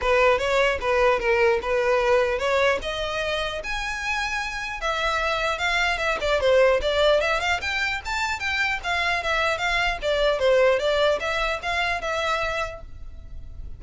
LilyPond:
\new Staff \with { instrumentName = "violin" } { \time 4/4 \tempo 4 = 150 b'4 cis''4 b'4 ais'4 | b'2 cis''4 dis''4~ | dis''4 gis''2. | e''2 f''4 e''8 d''8 |
c''4 d''4 e''8 f''8 g''4 | a''4 g''4 f''4 e''4 | f''4 d''4 c''4 d''4 | e''4 f''4 e''2 | }